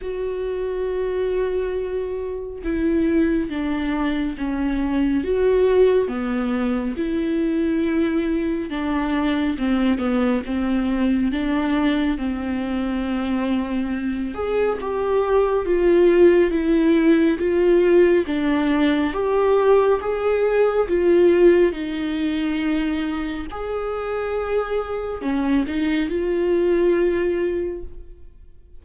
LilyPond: \new Staff \with { instrumentName = "viola" } { \time 4/4 \tempo 4 = 69 fis'2. e'4 | d'4 cis'4 fis'4 b4 | e'2 d'4 c'8 b8 | c'4 d'4 c'2~ |
c'8 gis'8 g'4 f'4 e'4 | f'4 d'4 g'4 gis'4 | f'4 dis'2 gis'4~ | gis'4 cis'8 dis'8 f'2 | }